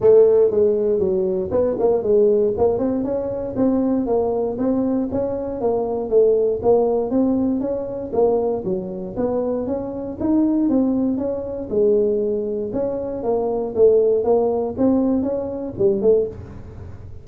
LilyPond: \new Staff \with { instrumentName = "tuba" } { \time 4/4 \tempo 4 = 118 a4 gis4 fis4 b8 ais8 | gis4 ais8 c'8 cis'4 c'4 | ais4 c'4 cis'4 ais4 | a4 ais4 c'4 cis'4 |
ais4 fis4 b4 cis'4 | dis'4 c'4 cis'4 gis4~ | gis4 cis'4 ais4 a4 | ais4 c'4 cis'4 g8 a8 | }